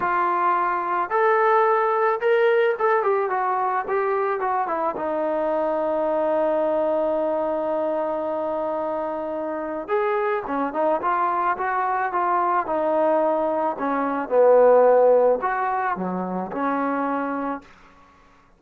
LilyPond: \new Staff \with { instrumentName = "trombone" } { \time 4/4 \tempo 4 = 109 f'2 a'2 | ais'4 a'8 g'8 fis'4 g'4 | fis'8 e'8 dis'2.~ | dis'1~ |
dis'2 gis'4 cis'8 dis'8 | f'4 fis'4 f'4 dis'4~ | dis'4 cis'4 b2 | fis'4 fis4 cis'2 | }